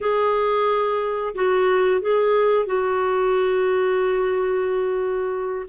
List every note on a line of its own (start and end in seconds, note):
0.01 1.34 G#4
1.34 2.01 F#4
2.01 2.65 G#4
2.65 5.65 F#4